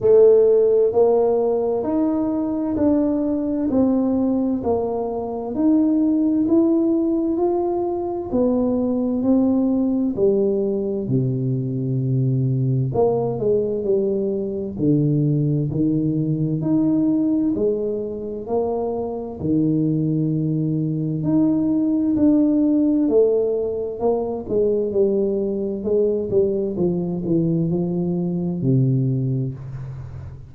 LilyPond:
\new Staff \with { instrumentName = "tuba" } { \time 4/4 \tempo 4 = 65 a4 ais4 dis'4 d'4 | c'4 ais4 dis'4 e'4 | f'4 b4 c'4 g4 | c2 ais8 gis8 g4 |
d4 dis4 dis'4 gis4 | ais4 dis2 dis'4 | d'4 a4 ais8 gis8 g4 | gis8 g8 f8 e8 f4 c4 | }